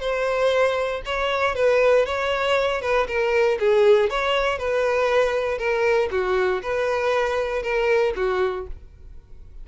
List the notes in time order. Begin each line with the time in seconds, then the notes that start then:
0.00 C5
1.05 C#5
1.55 B4
2.06 C#5
2.82 B4
3.07 A#4
3.59 G#4
4.10 C#5
4.58 B4
5.58 A#4
6.11 F#4
6.62 B4
7.62 A#4
8.16 F#4